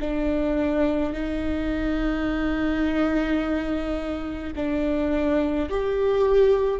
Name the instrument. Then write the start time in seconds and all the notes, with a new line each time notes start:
viola
0.00 D4
1.13 D#4
4.55 D4
5.69 G4